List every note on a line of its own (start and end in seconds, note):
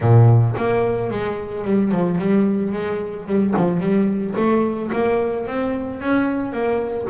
0.00 0.55 A#2
0.57 1.10 A#3
1.10 1.64 G#3
1.64 1.91 G3
1.91 2.18 F3
2.18 2.72 G3
2.72 3.26 G#3
3.27 3.54 G3
3.56 3.80 F3
3.80 4.34 G3
4.36 4.91 A3
4.92 5.47 A#3
5.47 6.00 C4
6.00 6.52 C#4
6.52 7.07 A#3